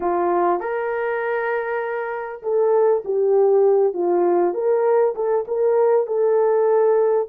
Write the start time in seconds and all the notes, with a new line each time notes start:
0.00 F4
0.60 A#4
2.42 A4
3.05 G4
3.93 F4
4.53 A#4
5.15 A4
5.47 A#4
6.07 A4